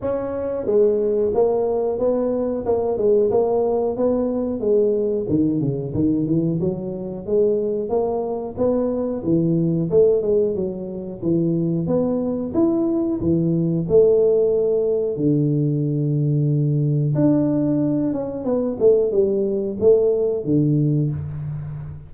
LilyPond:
\new Staff \with { instrumentName = "tuba" } { \time 4/4 \tempo 4 = 91 cis'4 gis4 ais4 b4 | ais8 gis8 ais4 b4 gis4 | dis8 cis8 dis8 e8 fis4 gis4 | ais4 b4 e4 a8 gis8 |
fis4 e4 b4 e'4 | e4 a2 d4~ | d2 d'4. cis'8 | b8 a8 g4 a4 d4 | }